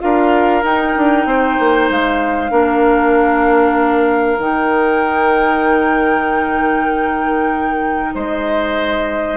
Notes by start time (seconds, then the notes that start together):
0.00 D4 F4 A#4 F5
0.64 D#4 G5
0.97 D4
1.26 C4 C5
1.60 A#3
1.90 G#3 F5
2.51 A#3 D4 A#4
4.39 D#3 D#4 G5
8.15 G#3 C5 D#5